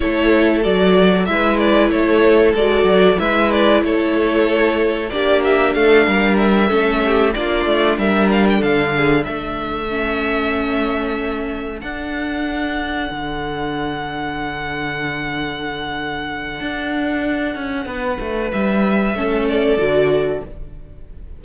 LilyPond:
<<
  \new Staff \with { instrumentName = "violin" } { \time 4/4 \tempo 4 = 94 cis''4 d''4 e''8 d''8 cis''4 | d''4 e''8 d''8 cis''2 | d''8 e''8 f''4 e''4. d''8~ | d''8 e''8 f''16 g''16 f''4 e''4.~ |
e''2~ e''8 fis''4.~ | fis''1~ | fis''1~ | fis''4 e''4. d''4. | }
  \new Staff \with { instrumentName = "violin" } { \time 4/4 a'2 b'4 a'4~ | a'4 b'4 a'2 | g'4 a'8 ais'4 a'8 g'8 f'8~ | f'8 ais'4 a'8 gis'8 a'4.~ |
a'1~ | a'1~ | a'1 | b'2 a'2 | }
  \new Staff \with { instrumentName = "viola" } { \time 4/4 e'4 fis'4 e'2 | fis'4 e'2. | d'2~ d'8 cis'4 d'8~ | d'2.~ d'8 cis'8~ |
cis'2~ cis'8 d'4.~ | d'1~ | d'1~ | d'2 cis'4 fis'4 | }
  \new Staff \with { instrumentName = "cello" } { \time 4/4 a4 fis4 gis4 a4 | gis8 fis8 gis4 a2 | ais4 a8 g4 a4 ais8 | a8 g4 d4 a4.~ |
a2~ a8 d'4.~ | d'8 d2.~ d8~ | d2 d'4. cis'8 | b8 a8 g4 a4 d4 | }
>>